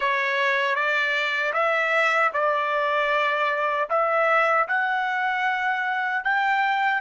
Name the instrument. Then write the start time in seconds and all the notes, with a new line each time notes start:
trumpet
0.00 C#5
0.75 D5
1.53 E5
2.33 D5
3.89 E5
4.68 F#5
6.24 G5